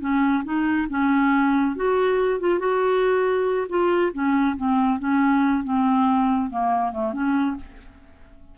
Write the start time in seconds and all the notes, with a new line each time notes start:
0.00 C#4
0.44 D#4
0.89 C#4
1.76 F#4
2.40 F4
2.59 F#4
3.69 F4
4.13 C#4
4.56 C4
4.99 C#4
5.64 C4
6.50 A#3
6.92 A3
7.13 C#4